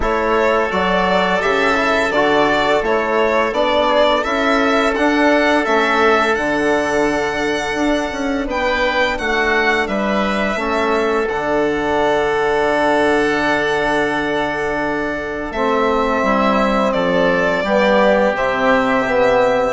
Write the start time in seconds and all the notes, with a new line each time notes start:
0.00 A3 E4 A4 C#5
0.70 F#3 F#4 D5
1.41 C#3 G4 E5
1.74 E4
2.10 D3 F#4 D5
2.82 A3 E4 C#5
3.52 B3 D4 D5
3.88 G#4
4.08 A4
4.23 C#4 E4 E5
4.95 D4 F#5
5.64 A3 C#4 E5
6.34 D3 D4 F#5
7.75 D4
8.11 C#4
8.46 B3 B4 G5
9.18 A3 F#4 F#5
9.87 G3 B4 E5
10.55 A3 C#4 A4
11.29 D3 D4 F#5
15.50 A3 C4 E5
16.22 G3 E4
16.92 F3 A4 D5
17.63 G3 B3 G4
18.34 C3 C4 E5
19.06 B3